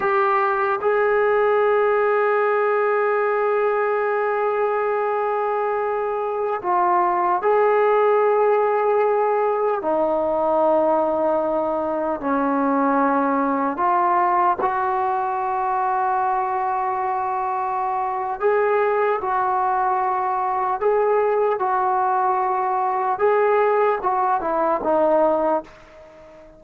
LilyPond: \new Staff \with { instrumentName = "trombone" } { \time 4/4 \tempo 4 = 75 g'4 gis'2.~ | gis'1~ | gis'16 f'4 gis'2~ gis'8.~ | gis'16 dis'2. cis'8.~ |
cis'4~ cis'16 f'4 fis'4.~ fis'16~ | fis'2. gis'4 | fis'2 gis'4 fis'4~ | fis'4 gis'4 fis'8 e'8 dis'4 | }